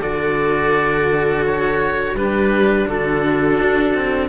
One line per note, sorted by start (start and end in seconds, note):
0.00 2.14 D3
0.00 2.16 F#4
0.00 2.14 A4
0.00 1.45 D5
1.46 2.18 C#5
2.14 2.86 G3
2.14 4.29 D4
2.14 2.88 G4
2.14 2.89 B4
2.88 3.60 D3
2.88 4.29 F#4
2.88 4.29 A4
3.60 3.95 D4
3.95 4.29 C4